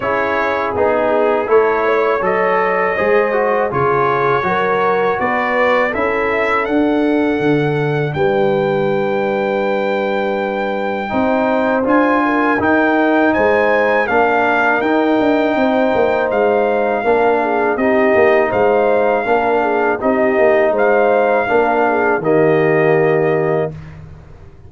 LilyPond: <<
  \new Staff \with { instrumentName = "trumpet" } { \time 4/4 \tempo 4 = 81 cis''4 gis'4 cis''4 dis''4~ | dis''4 cis''2 d''4 | e''4 fis''2 g''4~ | g''1 |
gis''4 g''4 gis''4 f''4 | g''2 f''2 | dis''4 f''2 dis''4 | f''2 dis''2 | }
  \new Staff \with { instrumentName = "horn" } { \time 4/4 gis'2 a'8 cis''4. | c''4 gis'4 ais'4 b'4 | a'2. b'4~ | b'2. c''4~ |
c''8 ais'4. c''4 ais'4~ | ais'4 c''2 ais'8 gis'8 | g'4 c''4 ais'8 gis'8 g'4 | c''4 ais'8 gis'8 g'2 | }
  \new Staff \with { instrumentName = "trombone" } { \time 4/4 e'4 dis'4 e'4 a'4 | gis'8 fis'8 f'4 fis'2 | e'4 d'2.~ | d'2. dis'4 |
f'4 dis'2 d'4 | dis'2. d'4 | dis'2 d'4 dis'4~ | dis'4 d'4 ais2 | }
  \new Staff \with { instrumentName = "tuba" } { \time 4/4 cis'4 b4 a4 fis4 | gis4 cis4 fis4 b4 | cis'4 d'4 d4 g4~ | g2. c'4 |
d'4 dis'4 gis4 ais4 | dis'8 d'8 c'8 ais8 gis4 ais4 | c'8 ais8 gis4 ais4 c'8 ais8 | gis4 ais4 dis2 | }
>>